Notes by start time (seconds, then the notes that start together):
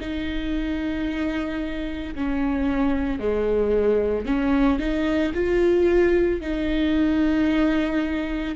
0.00 D#4
2.15 C#4
3.19 G#3
4.25 C#4
4.79 D#4
5.34 F4
6.41 D#4